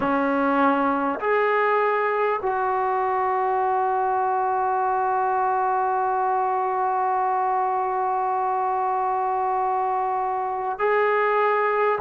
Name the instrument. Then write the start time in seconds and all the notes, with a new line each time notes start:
trombone
0.00 C#4
1.20 G#4
2.42 F#4
10.78 G#4